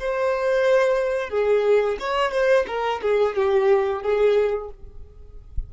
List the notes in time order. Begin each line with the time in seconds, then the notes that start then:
0.00 C5
1.30 G#4
2.00 C#5
2.32 C5
2.68 A#4
3.02 G#4
3.36 G4
4.03 G#4